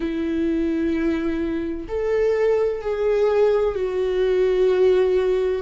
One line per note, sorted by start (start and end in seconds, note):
0.00 1.87 E4
1.88 2.81 A4
2.81 3.75 G#4
3.75 5.62 F#4